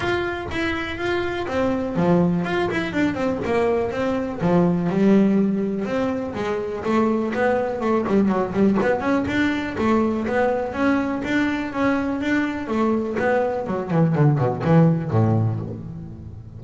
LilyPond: \new Staff \with { instrumentName = "double bass" } { \time 4/4 \tempo 4 = 123 f'4 e'4 f'4 c'4 | f4 f'8 e'8 d'8 c'8 ais4 | c'4 f4 g2 | c'4 gis4 a4 b4 |
a8 g8 fis8 g8 b8 cis'8 d'4 | a4 b4 cis'4 d'4 | cis'4 d'4 a4 b4 | fis8 e8 d8 b,8 e4 a,4 | }